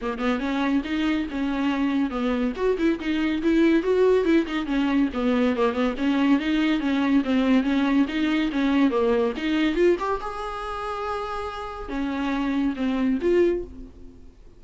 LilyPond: \new Staff \with { instrumentName = "viola" } { \time 4/4 \tempo 4 = 141 ais8 b8 cis'4 dis'4 cis'4~ | cis'4 b4 fis'8 e'8 dis'4 | e'4 fis'4 e'8 dis'8 cis'4 | b4 ais8 b8 cis'4 dis'4 |
cis'4 c'4 cis'4 dis'4 | cis'4 ais4 dis'4 f'8 g'8 | gis'1 | cis'2 c'4 f'4 | }